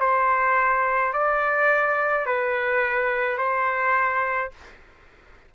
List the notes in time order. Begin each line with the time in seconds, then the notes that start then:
0.00 C5
1.13 D5
2.26 B4
3.38 C5